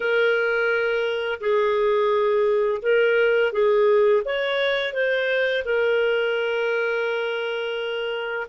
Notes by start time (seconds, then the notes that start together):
0.00 A#4
1.40 G#4
2.82 A#4
3.52 G#4
4.24 C#5
4.93 C5
5.65 A#4